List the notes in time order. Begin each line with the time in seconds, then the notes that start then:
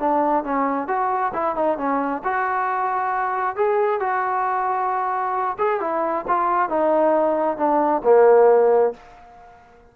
0.00 D4
0.44 C#4
0.88 F#4
1.34 E4
1.56 D#4
1.78 C#4
2.25 F#4
3.56 G#4
4.01 F#4
5.59 G#4
5.81 E4
6.28 F4
6.70 D#4
7.58 D4
8.05 A#3